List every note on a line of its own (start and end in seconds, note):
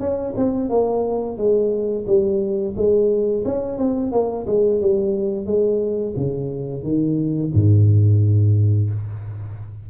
0.00 0.34 C#4
0.37 0.70 C4
0.70 1.38 A#3
1.38 2.06 G#3
2.07 2.75 G3
2.76 3.45 G#3
3.45 3.78 C#4
3.78 4.12 C4
4.12 4.46 A#3
4.47 4.81 G#3
4.81 5.46 G3
5.46 6.15 G#3
6.16 6.83 C#3
6.83 7.51 D#3
7.54 8.91 G#2